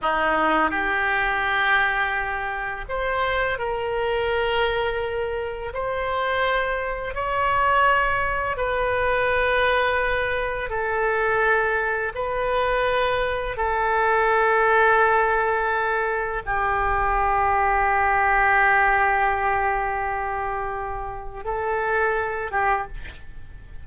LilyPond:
\new Staff \with { instrumentName = "oboe" } { \time 4/4 \tempo 4 = 84 dis'4 g'2. | c''4 ais'2. | c''2 cis''2 | b'2. a'4~ |
a'4 b'2 a'4~ | a'2. g'4~ | g'1~ | g'2 a'4. g'8 | }